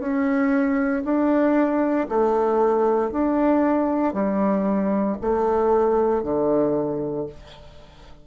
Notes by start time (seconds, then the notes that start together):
0.00 C#4
1.04 D4
2.09 A3
3.11 D4
4.14 G3
5.21 A3
6.23 D3